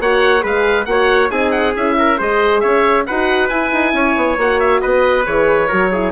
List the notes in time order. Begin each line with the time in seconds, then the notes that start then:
0.00 A#3 F#4 C#5 F#5
0.40 G#3 G#4 B4 F5
0.85 A#3 F#4 C#5 F#5
1.30 C4 D#4 G#4 G#5
1.51 F#5
1.75 C#4 E4 E5
1.98 A#4
2.17 G#3 G#4 C5 D#5
2.60 C#4 C#5 E5
3.06 D#4 F#4 B4 F#5
3.48 E4 G#5
3.73 D#4
3.93 C#4 C#5
4.16 B3
4.37 A#3 F#4 F#5
4.59 E5
4.81 B3 B4 D#5
5.25 E3 G#4 C#5
5.68 F#3 F#4 A#4
5.92 E4 G#4